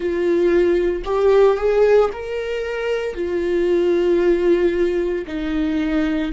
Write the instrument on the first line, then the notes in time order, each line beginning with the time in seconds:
viola
0.00 F4
1.04 G4
1.57 G#4
2.12 A#4
3.14 F4
5.26 D#4